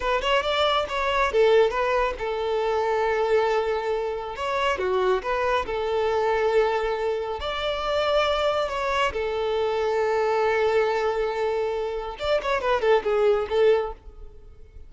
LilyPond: \new Staff \with { instrumentName = "violin" } { \time 4/4 \tempo 4 = 138 b'8 cis''8 d''4 cis''4 a'4 | b'4 a'2.~ | a'2 cis''4 fis'4 | b'4 a'2.~ |
a'4 d''2. | cis''4 a'2.~ | a'1 | d''8 cis''8 b'8 a'8 gis'4 a'4 | }